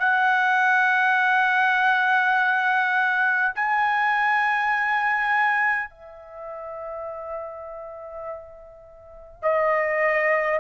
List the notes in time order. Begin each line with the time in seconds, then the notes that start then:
0.00 F#5
3.55 G#5
5.90 E5
9.43 D#5